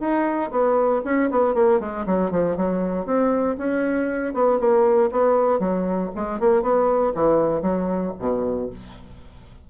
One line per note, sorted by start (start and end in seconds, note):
0.00 0.51 D#4
0.51 1.02 B3
1.05 1.30 C#4
1.31 1.54 B3
1.54 1.80 A#3
1.80 2.06 G#3
2.06 2.31 F#3
2.31 2.57 F3
2.57 3.06 F#3
3.06 3.57 C4
3.58 4.34 C#4
4.34 4.59 B3
4.60 5.11 A#3
5.11 5.59 B3
5.59 6.10 F#3
6.15 6.40 G#3
6.40 6.62 A#3
6.62 7.13 B3
7.15 7.62 E3
7.62 8.13 F#3
8.19 8.70 B2